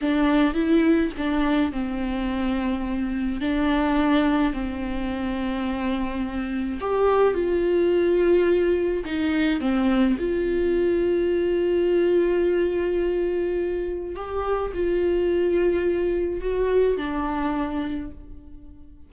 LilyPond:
\new Staff \with { instrumentName = "viola" } { \time 4/4 \tempo 4 = 106 d'4 e'4 d'4 c'4~ | c'2 d'2 | c'1 | g'4 f'2. |
dis'4 c'4 f'2~ | f'1~ | f'4 g'4 f'2~ | f'4 fis'4 d'2 | }